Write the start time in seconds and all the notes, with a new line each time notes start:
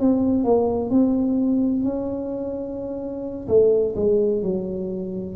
0.00 C4
0.44 A#3
0.90 C4
1.84 C#4
3.48 A3
3.96 G#3
4.42 F#3